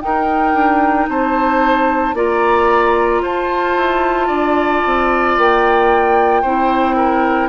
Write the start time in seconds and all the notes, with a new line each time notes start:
0.00 D#4 A#4 G5
0.53 D4
1.08 C4 C5 A5
2.14 A#3 F4 D5 A#5
3.22 F4 C5 A5
3.76 E4
4.27 D4 D5
4.85 C4
5.37 A#3 G5
6.42 C4 E4 C5
6.96 A#4